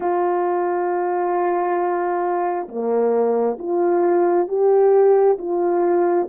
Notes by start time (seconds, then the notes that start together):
0.00 F4
2.68 A#3
3.58 F4
4.48 G4
5.38 F4